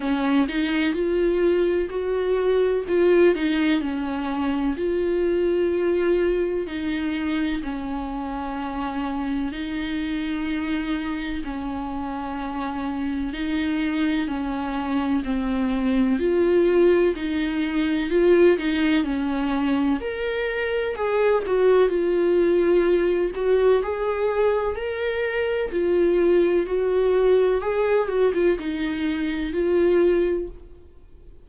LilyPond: \new Staff \with { instrumentName = "viola" } { \time 4/4 \tempo 4 = 63 cis'8 dis'8 f'4 fis'4 f'8 dis'8 | cis'4 f'2 dis'4 | cis'2 dis'2 | cis'2 dis'4 cis'4 |
c'4 f'4 dis'4 f'8 dis'8 | cis'4 ais'4 gis'8 fis'8 f'4~ | f'8 fis'8 gis'4 ais'4 f'4 | fis'4 gis'8 fis'16 f'16 dis'4 f'4 | }